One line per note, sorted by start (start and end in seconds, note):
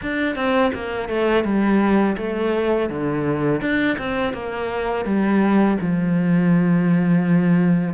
0.02 0.35 D4
0.35 0.71 C4
0.74 1.08 A#3
1.08 1.44 A3
1.44 2.16 G3
2.17 2.89 A3
2.89 3.61 D3
3.61 3.97 D4
3.98 4.33 C4
4.33 5.05 A#3
5.05 5.77 G3
5.80 7.94 F3